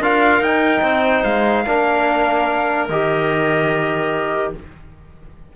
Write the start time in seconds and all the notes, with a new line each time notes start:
0.00 D4 F4 A#4 F5
0.40 D#4 G5
0.82 C4 C5
1.24 G#3 F5
1.66 A#3 D4 A#4
2.89 D#3 G4 D#5